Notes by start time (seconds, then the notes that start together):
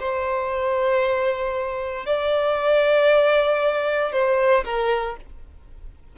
0.00 C5
2.06 D5
4.12 C5
4.65 A#4